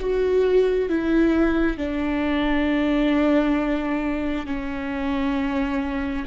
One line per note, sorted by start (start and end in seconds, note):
0.00 0.89 F#4
0.89 1.77 E4
1.77 4.46 D4
4.47 6.26 C#4